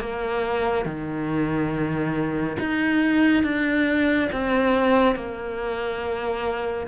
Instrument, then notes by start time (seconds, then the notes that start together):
cello
0.00 A#3
0.85 D#3
2.59 D#4
3.43 D4
4.32 C4
5.15 A#3